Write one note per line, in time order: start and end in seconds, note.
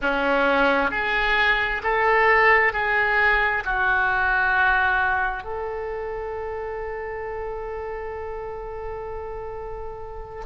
0.01 0.90 C#4
0.90 1.81 G#4
1.83 2.72 A4
2.72 3.63 G#4
3.64 5.43 F#4
5.43 10.43 A4